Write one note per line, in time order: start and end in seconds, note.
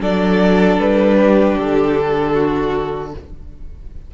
0.00 0.78 F#3
0.00 3.12 D4
0.00 1.17 A4
0.00 0.79 D5
0.78 1.56 G3
0.78 1.57 B4
1.18 2.33 G4
1.57 3.14 D3
1.57 3.13 A4
2.33 3.11 F#4